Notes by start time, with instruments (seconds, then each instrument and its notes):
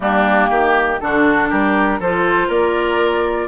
0.00 bassoon G3, clarinet A#3, oboe D4, flute G4
0.49 bassoon D#3, oboe G4
1.00 bassoon D3, clarinet D4, oboe F#4, flute A4
1.49 bassoon G3, oboe G4, flute A#4
1.99 bassoon F3, clarinet F4, oboe A4, flute C5
2.47 bassoon A#3, oboe A#4, flute D5